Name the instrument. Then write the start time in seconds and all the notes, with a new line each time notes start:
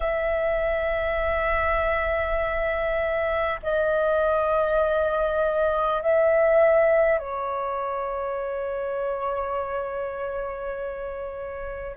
flute
0.00 E5
3.62 D#5
6.02 E5
7.18 C#5